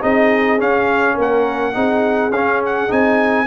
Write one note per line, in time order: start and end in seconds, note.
0.00 0.59 C4
0.00 0.58 D#4
0.00 1.14 G#4
0.00 0.60 D#5
0.58 1.73 C#4
0.58 1.17 C#4
0.58 1.18 F5
1.14 1.75 A#3
1.14 1.72 A#4
1.21 2.32 F#5
1.73 2.30 C4
1.73 2.31 D#4
1.73 3.46 G#4
2.30 2.88 C#4
2.30 2.61 F5
2.65 2.92 F#5
2.88 3.46 C4
2.88 3.45 D#4
2.88 3.46 G#5